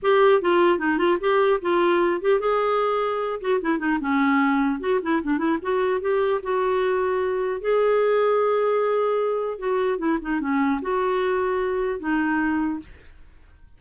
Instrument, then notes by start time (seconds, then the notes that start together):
clarinet
0.02 G4
0.41 F4
0.78 D#4
0.98 F4
1.20 G4
1.61 F4
2.21 G4
2.40 G#4
3.41 F#4
3.61 E4
3.78 D#4
4.00 C#4
4.80 F#4
5.02 E4
5.22 D4
5.38 E4
5.62 F#4
6.00 G4
6.43 F#4
7.60 G#4
9.58 F#4
9.98 E4
10.21 D#4
10.40 C#4
10.81 F#4
11.99 D#4